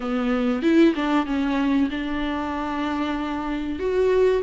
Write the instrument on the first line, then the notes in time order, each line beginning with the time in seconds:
viola
0.00 B3
0.62 E4
0.95 D4
1.25 C#4
1.90 D4
3.79 F#4